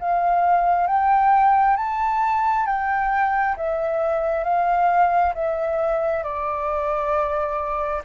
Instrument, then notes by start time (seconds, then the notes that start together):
flute
0.00 F5
0.87 G5
1.77 A5
2.67 G5
3.57 E5
4.44 F5
5.34 E5
6.23 D5